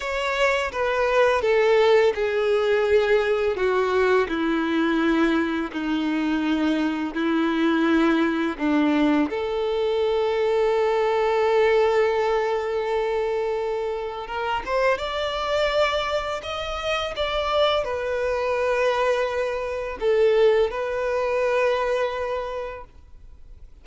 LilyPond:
\new Staff \with { instrumentName = "violin" } { \time 4/4 \tempo 4 = 84 cis''4 b'4 a'4 gis'4~ | gis'4 fis'4 e'2 | dis'2 e'2 | d'4 a'2.~ |
a'1 | ais'8 c''8 d''2 dis''4 | d''4 b'2. | a'4 b'2. | }